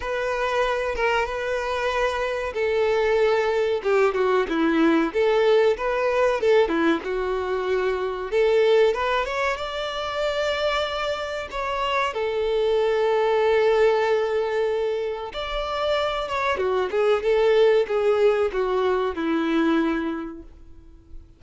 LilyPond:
\new Staff \with { instrumentName = "violin" } { \time 4/4 \tempo 4 = 94 b'4. ais'8 b'2 | a'2 g'8 fis'8 e'4 | a'4 b'4 a'8 e'8 fis'4~ | fis'4 a'4 b'8 cis''8 d''4~ |
d''2 cis''4 a'4~ | a'1 | d''4. cis''8 fis'8 gis'8 a'4 | gis'4 fis'4 e'2 | }